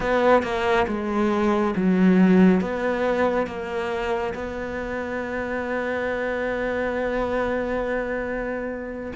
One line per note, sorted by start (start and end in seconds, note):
0.00 0.42 B3
0.42 0.86 A#3
0.87 1.74 G#3
1.75 2.60 F#3
2.60 3.46 B3
3.46 4.33 A#3
4.34 9.12 B3